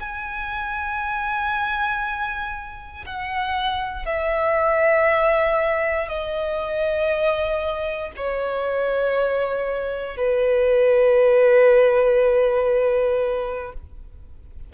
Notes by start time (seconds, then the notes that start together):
0.00 G#5
3.06 F#5
4.06 E5
6.08 D#5
8.16 C#5
10.17 B4